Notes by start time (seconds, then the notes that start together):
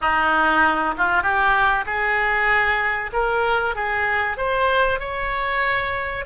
0.01 D#4
0.97 F4
1.22 G4
1.86 G#4
3.12 A#4
3.75 G#4
4.37 C5
4.99 C#5